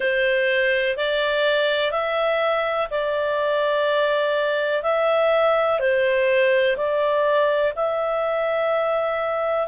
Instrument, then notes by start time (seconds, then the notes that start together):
clarinet
0.00 C5
0.96 D5
1.91 E5
2.90 D5
4.83 E5
5.79 C5
6.76 D5
7.75 E5